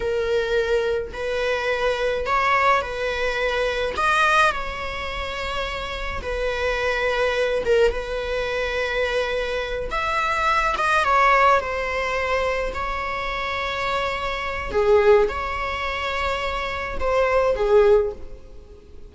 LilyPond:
\new Staff \with { instrumentName = "viola" } { \time 4/4 \tempo 4 = 106 ais'2 b'2 | cis''4 b'2 dis''4 | cis''2. b'4~ | b'4. ais'8 b'2~ |
b'4. e''4. dis''8 cis''8~ | cis''8 c''2 cis''4.~ | cis''2 gis'4 cis''4~ | cis''2 c''4 gis'4 | }